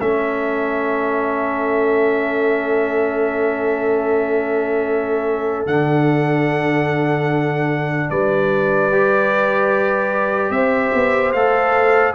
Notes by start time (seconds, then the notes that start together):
0.00 A3 C#4 A4 E5
5.66 D3 D4 F#5
8.10 G3 B4 D5
8.91 G4
10.50 C4 C5 E5
10.94 B3
11.32 A3 A4 F5